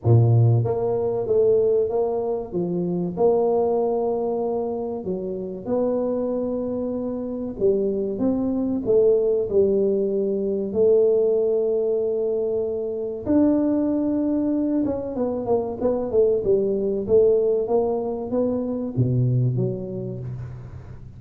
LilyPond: \new Staff \with { instrumentName = "tuba" } { \time 4/4 \tempo 4 = 95 ais,4 ais4 a4 ais4 | f4 ais2. | fis4 b2. | g4 c'4 a4 g4~ |
g4 a2.~ | a4 d'2~ d'8 cis'8 | b8 ais8 b8 a8 g4 a4 | ais4 b4 b,4 fis4 | }